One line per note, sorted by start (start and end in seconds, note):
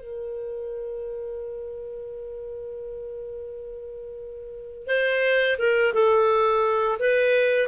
0.00 4.87 A#4
4.87 5.57 C5
5.58 5.93 A#4
5.93 6.98 A4
6.99 7.68 B4